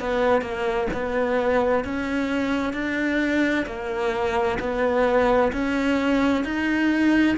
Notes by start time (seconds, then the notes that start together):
0.00 B3
0.42 A#3
0.93 B3
1.84 C#4
2.73 D4
3.66 A#3
4.59 B3
5.52 C#4
6.44 D#4